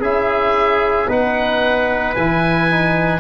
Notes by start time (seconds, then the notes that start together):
0.00 C#4 E4 G#4 E5
1.08 B3 D#4 B4 F#5
2.16 E3 E4 G#5
2.71 D#4